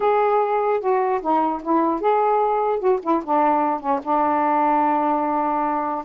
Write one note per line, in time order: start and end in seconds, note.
0.00 0.80 G#4
0.80 1.20 F#4
1.21 1.61 D#4
1.63 2.00 E4
2.00 2.79 G#4
2.79 2.99 F#4
3.03 3.23 E4
3.24 3.80 D4
3.80 4.00 C#4
4.03 6.04 D4